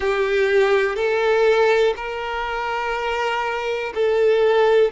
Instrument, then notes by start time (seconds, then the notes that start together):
violin
0.00 G4
0.95 A4
1.96 A#4
3.94 A4